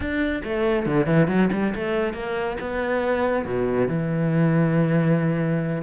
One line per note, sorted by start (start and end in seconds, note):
0.00 0.42 D4
0.43 0.86 A3
0.86 1.06 D3
1.06 1.27 E3
1.27 1.49 F#3
1.52 1.74 G3
1.74 2.13 A3
2.13 2.56 A#3
2.60 3.45 B3
3.45 3.88 B2
3.88 5.82 E3